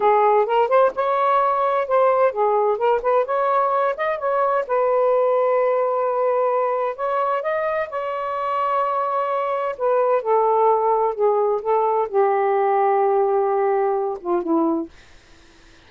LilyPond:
\new Staff \with { instrumentName = "saxophone" } { \time 4/4 \tempo 4 = 129 gis'4 ais'8 c''8 cis''2 | c''4 gis'4 ais'8 b'8 cis''4~ | cis''8 dis''8 cis''4 b'2~ | b'2. cis''4 |
dis''4 cis''2.~ | cis''4 b'4 a'2 | gis'4 a'4 g'2~ | g'2~ g'8 f'8 e'4 | }